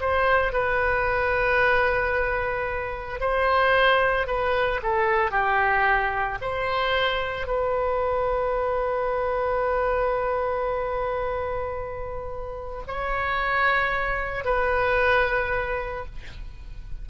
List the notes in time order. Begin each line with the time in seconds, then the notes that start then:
0.00 C5
0.52 B4
3.20 C5
4.27 B4
4.83 A4
5.31 G4
6.41 C5
7.47 B4
12.87 C#5
14.44 B4